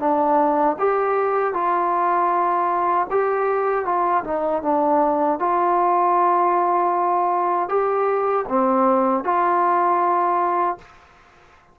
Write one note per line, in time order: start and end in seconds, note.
0.00 0.77 D4
0.79 1.54 G4
1.54 3.08 F4
3.11 3.86 G4
3.86 4.24 F4
4.24 4.63 D#4
4.63 5.40 D4
5.40 7.69 F4
7.69 8.46 G4
8.49 9.24 C4
9.24 10.78 F4